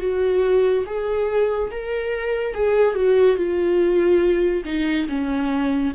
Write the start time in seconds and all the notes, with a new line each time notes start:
0.00 F#4
0.86 G#4
1.71 A#4
2.55 G#4
2.95 F#4
3.37 F4
4.65 D#4
5.09 C#4